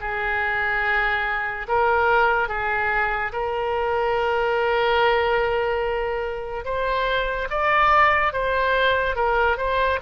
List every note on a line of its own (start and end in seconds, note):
0.00 1.67 G#4
1.68 2.48 A#4
2.48 3.32 G#4
3.33 6.65 A#4
6.65 7.48 C5
7.50 8.33 D5
8.33 9.16 C5
9.16 9.57 A#4
9.57 9.99 C5